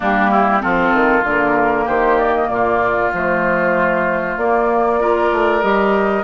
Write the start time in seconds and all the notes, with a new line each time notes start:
0.00 G3 A#3 D4 G4
0.30 E4
0.60 F3 C4 F4 A4
0.93 D#3
1.23 D3 A#3 A#4
1.84 D#3 G4 C5
2.18 D5
2.34 D#5
2.49 A#2 F4 D5
3.12 F3 A3 C5
4.37 A#3 D5
4.99 F4 A#4
5.32 A3
5.61 G3 G4 D#5